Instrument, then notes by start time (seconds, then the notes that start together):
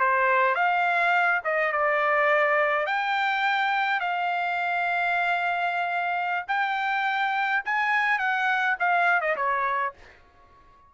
trumpet
0.00 C5
0.55 F5
1.44 D#5
1.72 D5
2.86 G5
4.00 F5
6.48 G5
7.65 G#5
8.19 F#5
8.80 F5
9.21 D#5
9.36 C#5